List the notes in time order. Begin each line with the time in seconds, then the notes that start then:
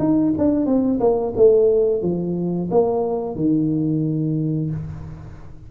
0.00 D#4
0.39 D4
0.66 C4
1.01 A#3
1.36 A3
2.03 F3
2.71 A#3
3.36 D#3